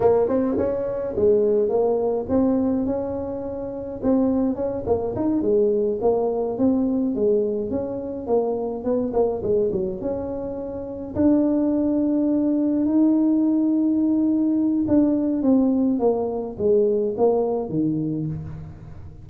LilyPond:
\new Staff \with { instrumentName = "tuba" } { \time 4/4 \tempo 4 = 105 ais8 c'8 cis'4 gis4 ais4 | c'4 cis'2 c'4 | cis'8 ais8 dis'8 gis4 ais4 c'8~ | c'8 gis4 cis'4 ais4 b8 |
ais8 gis8 fis8 cis'2 d'8~ | d'2~ d'8 dis'4.~ | dis'2 d'4 c'4 | ais4 gis4 ais4 dis4 | }